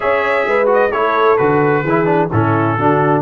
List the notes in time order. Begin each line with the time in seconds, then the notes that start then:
0.00 C#4 G#4 C#5 E5
0.46 G#3 B4
0.66 F#4
0.73 D#5
0.90 A3 E4 A4 C#5
1.37 D3 F#4 B4
1.82 E3 G#4
1.88 E4
2.05 D4
2.32 A2 C#4 E4 A4
2.77 D3 D4 F#4